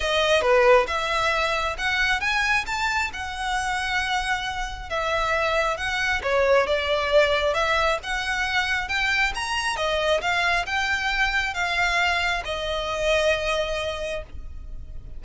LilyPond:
\new Staff \with { instrumentName = "violin" } { \time 4/4 \tempo 4 = 135 dis''4 b'4 e''2 | fis''4 gis''4 a''4 fis''4~ | fis''2. e''4~ | e''4 fis''4 cis''4 d''4~ |
d''4 e''4 fis''2 | g''4 ais''4 dis''4 f''4 | g''2 f''2 | dis''1 | }